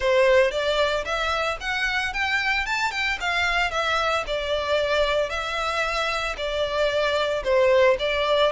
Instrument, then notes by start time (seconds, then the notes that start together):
violin
0.00 C5
0.51 D5
1.04 E5
1.60 F#5
2.13 G5
2.66 A5
2.91 G5
3.20 F5
3.70 E5
4.26 D5
5.29 E5
6.37 D5
7.43 C5
7.99 D5